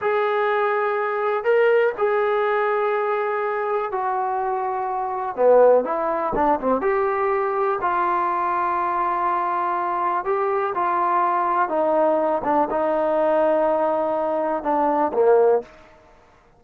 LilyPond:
\new Staff \with { instrumentName = "trombone" } { \time 4/4 \tempo 4 = 123 gis'2. ais'4 | gis'1 | fis'2. b4 | e'4 d'8 c'8 g'2 |
f'1~ | f'4 g'4 f'2 | dis'4. d'8 dis'2~ | dis'2 d'4 ais4 | }